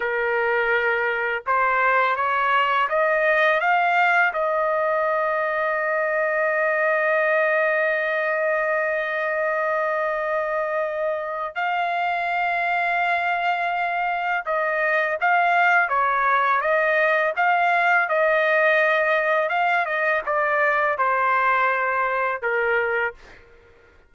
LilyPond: \new Staff \with { instrumentName = "trumpet" } { \time 4/4 \tempo 4 = 83 ais'2 c''4 cis''4 | dis''4 f''4 dis''2~ | dis''1~ | dis''1 |
f''1 | dis''4 f''4 cis''4 dis''4 | f''4 dis''2 f''8 dis''8 | d''4 c''2 ais'4 | }